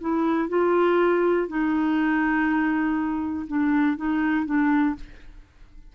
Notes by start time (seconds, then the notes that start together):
0.00 E4
0.48 F4
1.48 D#4
3.47 D4
3.96 D#4
4.45 D4